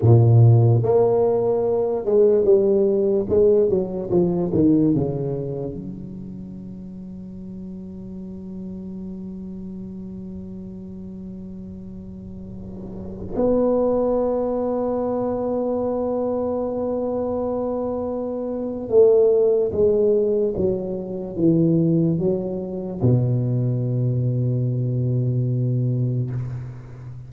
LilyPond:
\new Staff \with { instrumentName = "tuba" } { \time 4/4 \tempo 4 = 73 ais,4 ais4. gis8 g4 | gis8 fis8 f8 dis8 cis4 fis4~ | fis1~ | fis1~ |
fis16 b2.~ b8.~ | b2. a4 | gis4 fis4 e4 fis4 | b,1 | }